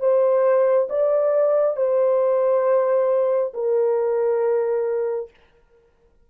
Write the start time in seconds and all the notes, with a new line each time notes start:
0.00 C5
0.90 D5
1.77 C5
3.55 A#4